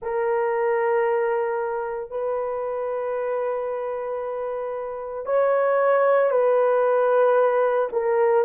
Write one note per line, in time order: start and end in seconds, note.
0.02 2.10 A#4
2.10 5.25 B4
5.25 6.30 C#5
6.30 7.88 B4
7.92 8.44 A#4